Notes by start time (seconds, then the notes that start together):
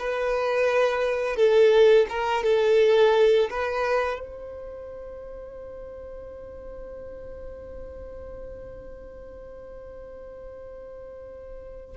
0.00 B4
1.36 A4
2.10 A#4
2.44 A4
3.51 B4
4.20 C5